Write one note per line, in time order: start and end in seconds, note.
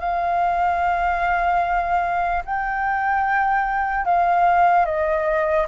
0.00 2.43 F5
2.45 4.05 G5
4.05 4.86 F5
4.86 5.67 D#5